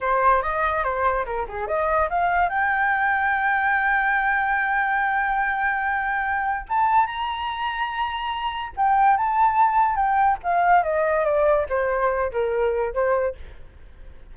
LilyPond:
\new Staff \with { instrumentName = "flute" } { \time 4/4 \tempo 4 = 144 c''4 dis''4 c''4 ais'8 gis'8 | dis''4 f''4 g''2~ | g''1~ | g''1 |
a''4 ais''2.~ | ais''4 g''4 a''2 | g''4 f''4 dis''4 d''4 | c''4. ais'4. c''4 | }